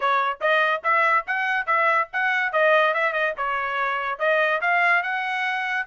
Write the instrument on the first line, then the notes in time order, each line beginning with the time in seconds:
trumpet
0.00 C#5
0.40 D#5
0.83 E5
1.26 F#5
1.66 E5
2.12 F#5
2.52 D#5
2.94 E5
3.12 D#5
3.37 C#5
4.18 D#5
4.61 F5
5.02 F#5